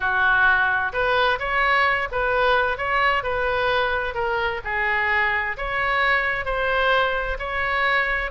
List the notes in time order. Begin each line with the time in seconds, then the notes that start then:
0.00 F#4
0.92 B4
1.39 C#5
2.11 B4
2.77 C#5
3.23 B4
4.14 A#4
4.64 G#4
5.57 C#5
6.45 C5
7.38 C#5